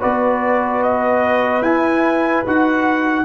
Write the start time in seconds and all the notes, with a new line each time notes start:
0.00 B3 F#4 B4 D5
0.82 D#5
1.62 E4 G#5
2.46 D#4 F#4 F#5